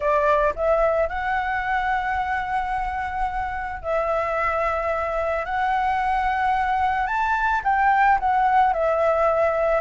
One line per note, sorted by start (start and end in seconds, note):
0.00 0.53 D5
0.55 1.09 E5
1.09 3.82 F#5
3.82 5.45 E5
5.45 7.06 F#5
7.06 7.61 A5
7.63 8.18 G5
8.19 8.73 F#5
8.73 9.81 E5